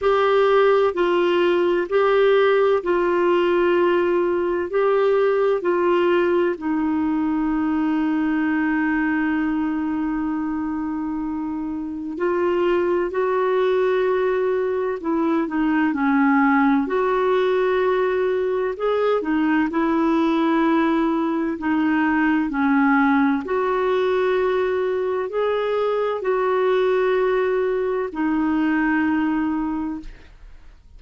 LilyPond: \new Staff \with { instrumentName = "clarinet" } { \time 4/4 \tempo 4 = 64 g'4 f'4 g'4 f'4~ | f'4 g'4 f'4 dis'4~ | dis'1~ | dis'4 f'4 fis'2 |
e'8 dis'8 cis'4 fis'2 | gis'8 dis'8 e'2 dis'4 | cis'4 fis'2 gis'4 | fis'2 dis'2 | }